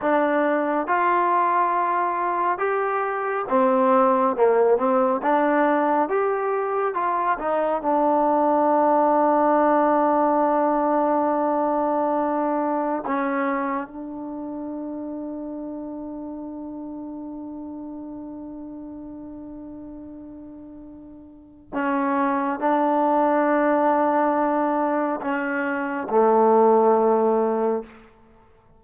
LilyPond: \new Staff \with { instrumentName = "trombone" } { \time 4/4 \tempo 4 = 69 d'4 f'2 g'4 | c'4 ais8 c'8 d'4 g'4 | f'8 dis'8 d'2.~ | d'2. cis'4 |
d'1~ | d'1~ | d'4 cis'4 d'2~ | d'4 cis'4 a2 | }